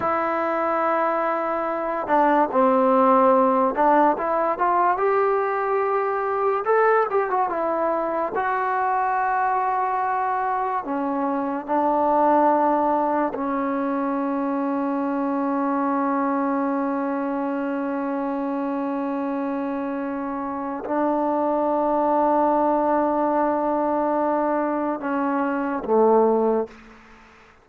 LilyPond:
\new Staff \with { instrumentName = "trombone" } { \time 4/4 \tempo 4 = 72 e'2~ e'8 d'8 c'4~ | c'8 d'8 e'8 f'8 g'2 | a'8 g'16 fis'16 e'4 fis'2~ | fis'4 cis'4 d'2 |
cis'1~ | cis'1~ | cis'4 d'2.~ | d'2 cis'4 a4 | }